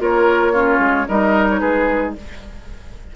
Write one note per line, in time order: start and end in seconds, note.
0.00 0.79 A#3
0.00 0.53 F4
0.00 0.53 A#4
0.00 1.09 C#5
0.53 1.07 C#4
0.53 1.06 F4
0.79 1.06 G#3
1.09 1.62 G3
1.09 2.16 D#4
1.09 1.61 A#4
1.09 1.49 D#5
1.50 1.60 C#5
1.60 2.16 G#3
1.60 2.14 G#4
1.60 2.13 B4